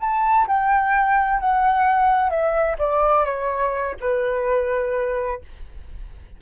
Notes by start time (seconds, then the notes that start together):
0.00 A5
0.47 G5
1.40 F#5
2.30 E5
2.79 D5
3.25 C#5
4.01 B4